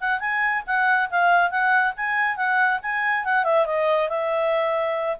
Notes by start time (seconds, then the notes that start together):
0.00 F#5
0.19 G#5
0.67 F#5
1.10 F5
1.50 F#5
1.96 G#5
2.36 F#5
2.82 G#5
3.24 F#5
3.44 E5
3.66 D#5
4.09 E5